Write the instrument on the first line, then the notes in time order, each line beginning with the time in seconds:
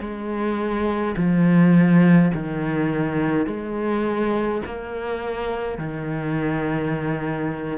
cello
0.00 G#3
1.16 F3
2.33 D#3
3.46 G#3
4.65 A#3
5.77 D#3